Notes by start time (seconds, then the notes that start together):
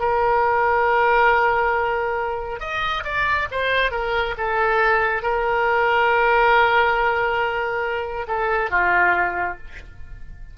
0.00 A#4
2.60 D#5
3.04 D5
3.51 C5
3.92 A#4
4.38 A4
5.23 A#4
8.28 A4
8.71 F4